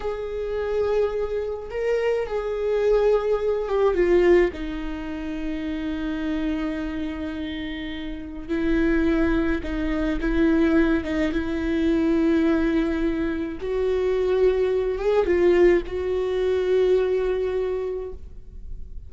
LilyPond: \new Staff \with { instrumentName = "viola" } { \time 4/4 \tempo 4 = 106 gis'2. ais'4 | gis'2~ gis'8 g'8 f'4 | dis'1~ | dis'2. e'4~ |
e'4 dis'4 e'4. dis'8 | e'1 | fis'2~ fis'8 gis'8 f'4 | fis'1 | }